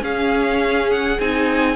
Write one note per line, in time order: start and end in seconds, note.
0.00 1.17 C#4
0.00 1.19 C#4
0.00 1.77 G#4
0.00 0.91 F5
0.91 1.20 F#5
1.20 1.77 C4
1.20 1.77 D#4
1.20 1.77 G#5